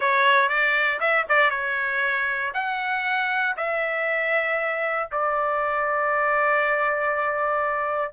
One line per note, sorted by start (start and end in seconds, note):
0.00 0.49 C#5
0.49 0.99 D5
1.00 1.25 E5
1.28 1.50 D5
1.50 2.52 C#5
2.54 3.55 F#5
3.56 5.09 E5
5.11 8.12 D5